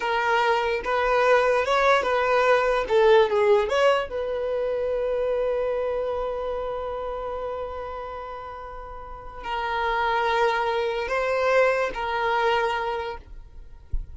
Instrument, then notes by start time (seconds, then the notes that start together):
violin
0.00 A#4
0.84 B4
1.65 C#5
2.02 B4
2.88 A4
3.29 G#4
3.69 C#5
4.09 B4
9.43 A#4
11.08 C5
11.93 A#4